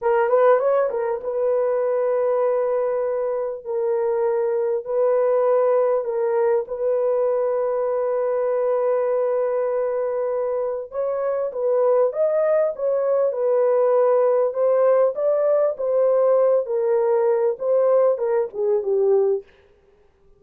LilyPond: \new Staff \with { instrumentName = "horn" } { \time 4/4 \tempo 4 = 99 ais'8 b'8 cis''8 ais'8 b'2~ | b'2 ais'2 | b'2 ais'4 b'4~ | b'1~ |
b'2 cis''4 b'4 | dis''4 cis''4 b'2 | c''4 d''4 c''4. ais'8~ | ais'4 c''4 ais'8 gis'8 g'4 | }